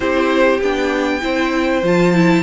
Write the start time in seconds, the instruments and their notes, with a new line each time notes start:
0.00 cello C4, viola E4, violin G4 C5
0.61 cello B3, viola D4, violin G5
1.21 cello C4, viola E4, violin C5
1.82 cello F3, viola F4, violin A5
2.14 viola E4